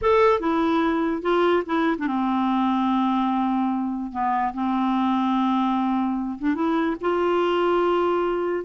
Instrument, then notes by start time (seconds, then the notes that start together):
clarinet
0.01 A4
0.40 E4
1.22 F4
1.66 E4
1.98 D4
2.07 C4
4.12 B3
4.53 C4
6.38 D4
6.54 E4
7.00 F4